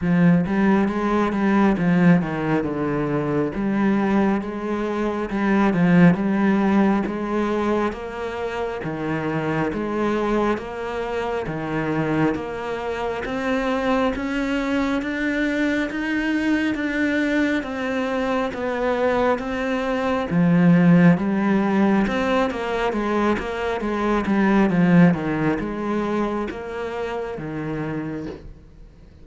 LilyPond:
\new Staff \with { instrumentName = "cello" } { \time 4/4 \tempo 4 = 68 f8 g8 gis8 g8 f8 dis8 d4 | g4 gis4 g8 f8 g4 | gis4 ais4 dis4 gis4 | ais4 dis4 ais4 c'4 |
cis'4 d'4 dis'4 d'4 | c'4 b4 c'4 f4 | g4 c'8 ais8 gis8 ais8 gis8 g8 | f8 dis8 gis4 ais4 dis4 | }